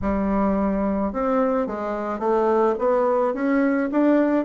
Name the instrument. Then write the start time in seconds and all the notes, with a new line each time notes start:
bassoon
0.02 G3
1.12 C4
1.66 G#3
2.19 A3
2.79 B3
3.34 C#4
3.91 D4